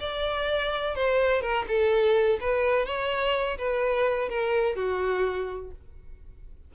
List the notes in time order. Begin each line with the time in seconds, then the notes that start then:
0.00 D5
0.95 C5
1.41 A#4
1.68 A4
2.40 B4
2.86 C#5
3.58 B4
4.29 A#4
4.76 F#4